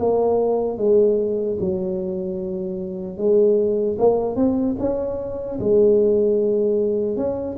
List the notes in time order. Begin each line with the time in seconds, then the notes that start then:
0.00 A#3
0.78 G#3
1.61 F#3
3.18 G#3
3.99 A#3
4.36 C4
4.79 C#4
5.60 G#3
7.17 C#4